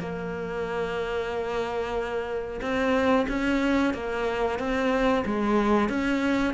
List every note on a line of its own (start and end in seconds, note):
0.00 2.61 A#3
2.61 3.27 C4
3.29 3.94 C#4
3.94 4.59 A#3
4.59 5.24 C4
5.25 5.89 G#3
5.89 6.54 C#4